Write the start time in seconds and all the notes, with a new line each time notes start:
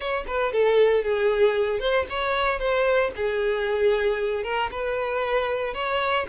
0.00 C#5
0.27 B4
0.52 A4
1.03 G#4
1.79 C5
2.09 C#5
2.59 C5
3.15 G#4
4.43 A#4
4.71 B4
5.74 C#5